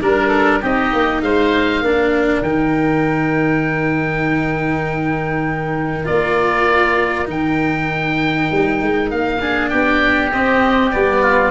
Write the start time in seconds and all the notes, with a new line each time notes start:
0.00 G3 D4 A#4
0.28 A4
0.61 C4 D#4 G4 D#5
0.92 A#3
1.21 G#3 C5 F5
1.81 A#3 D4 A#4
2.42 D#3 D#4 G5
6.04 A#3 F4 D5
7.25 D#3 D#4 G5
8.51 G3
8.81 G#3
9.10 A#3 F5
9.40 D4 G#4
9.68 B3 G4 G5
10.32 C4 D#5
10.90 G3 B3 D5
11.21 F4